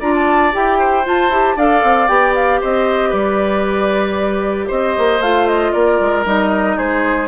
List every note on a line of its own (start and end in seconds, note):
0.00 0.54 D4
0.00 0.52 F4
0.00 0.78 D5
0.00 0.14 A#5
0.15 0.54 A5
0.52 1.07 E4
0.52 1.04 G4
0.52 1.07 G5
0.79 1.56 C5
1.04 1.30 F4
1.04 1.58 A5
1.30 1.56 E4
1.30 1.58 G4
1.56 1.83 D4
1.56 2.08 A4
1.56 2.61 D5
1.56 2.08 F5
1.83 2.09 C4
2.08 2.61 B3
2.08 5.21 G4
2.08 2.34 G5
2.35 2.61 F5
2.61 3.13 C4
2.61 3.10 C5
2.61 3.13 D#5
3.10 4.69 G3
3.10 4.66 B4
3.10 4.69 D5
4.68 4.97 C4
4.68 5.72 C5
4.68 5.22 D#5
4.98 5.20 A#3
5.20 5.72 A3
5.20 6.25 F4
5.20 5.47 F5
5.47 5.72 D#5
5.72 6.00 A#3
5.72 6.77 A#4
5.72 6.24 D5
6.00 6.26 G#3
6.25 6.78 G3
6.25 7.28 D#4
6.25 6.78 D#5
6.77 7.28 G#3
6.77 7.28 G#4
6.77 7.28 C5